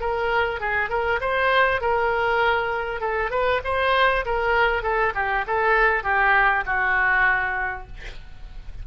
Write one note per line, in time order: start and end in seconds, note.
0.00 0.60 A#4
0.60 0.89 G#4
0.89 1.19 A#4
1.20 1.81 C5
1.81 3.00 A#4
3.00 3.30 A4
3.30 3.61 B4
3.64 4.25 C5
4.25 4.82 A#4
4.82 5.12 A4
5.14 5.45 G4
5.47 6.03 A4
6.03 6.64 G4
6.65 7.87 F#4